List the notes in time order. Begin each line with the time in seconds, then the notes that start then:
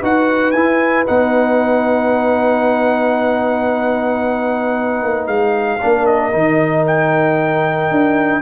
0.00 D#4 F#4 B4 F#5
0.52 E4 G#5
1.06 B3 D#4 F#5
5.03 A#3
5.27 G#3 F5
5.81 A#3 D4 A#4
6.06 D#5
6.33 D#3 D#4
6.87 G5
7.91 D4